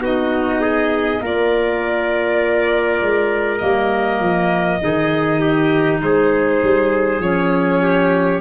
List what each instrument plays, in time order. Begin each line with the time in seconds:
0.00 tuba B3, clarinet D#4, trumpet F#4, violin D#5
0.60 trumpet G#4
1.21 tuba A#3, clarinet F4, trumpet A#4, violin D5
3.01 tuba G#3
3.58 tuba G3, clarinet A#3, violin D#5
4.20 tuba F3
4.80 tuba D#3, clarinet D#4, trumpet G#4
5.40 trumpet G4
6.02 tuba G#3, trumpet G#4, violin C5
6.62 tuba G3
7.20 tuba F3, clarinet C#4, violin C#5
7.83 trumpet G4